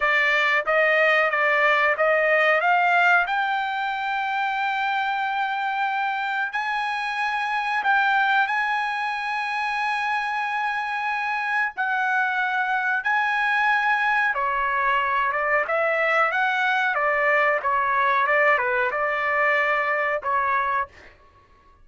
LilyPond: \new Staff \with { instrumentName = "trumpet" } { \time 4/4 \tempo 4 = 92 d''4 dis''4 d''4 dis''4 | f''4 g''2.~ | g''2 gis''2 | g''4 gis''2.~ |
gis''2 fis''2 | gis''2 cis''4. d''8 | e''4 fis''4 d''4 cis''4 | d''8 b'8 d''2 cis''4 | }